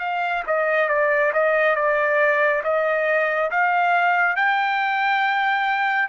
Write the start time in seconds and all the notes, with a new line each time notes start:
0.00 F5
0.47 D#5
0.89 D5
1.34 D#5
1.76 D5
2.64 D#5
3.51 F5
4.37 G5